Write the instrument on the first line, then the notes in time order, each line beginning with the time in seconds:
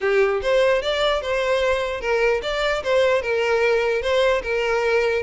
violin
0.01 G4
0.42 C5
0.82 D5
1.21 C5
2.00 A#4
2.42 D5
2.83 C5
3.22 A#4
4.02 C5
4.42 A#4